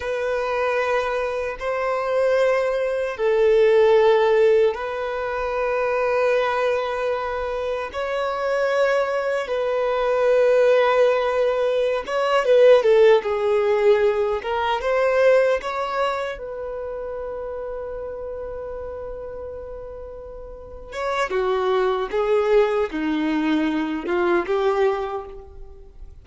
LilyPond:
\new Staff \with { instrumentName = "violin" } { \time 4/4 \tempo 4 = 76 b'2 c''2 | a'2 b'2~ | b'2 cis''2 | b'2.~ b'16 cis''8 b'16~ |
b'16 a'8 gis'4. ais'8 c''4 cis''16~ | cis''8. b'2.~ b'16~ | b'2~ b'8 cis''8 fis'4 | gis'4 dis'4. f'8 g'4 | }